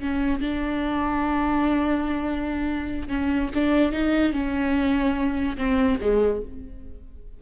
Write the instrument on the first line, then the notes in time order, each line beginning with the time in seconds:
viola
0.00 C#4
0.40 D4
3.08 C#4
3.54 D4
3.92 D#4
4.32 C#4
5.57 C4
6.01 G#3